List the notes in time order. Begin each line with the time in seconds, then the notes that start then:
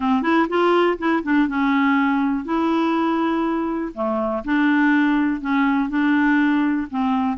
0.00 C4
0.22 E4
0.48 F4
0.98 E4
1.23 D4
1.48 C#4
2.44 E4
3.94 A3
4.44 D4
5.40 C#4
5.89 D4
6.90 C4